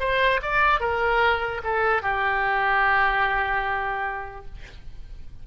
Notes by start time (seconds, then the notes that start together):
0.00 C5
0.42 D5
0.80 A#4
1.64 A4
2.02 G4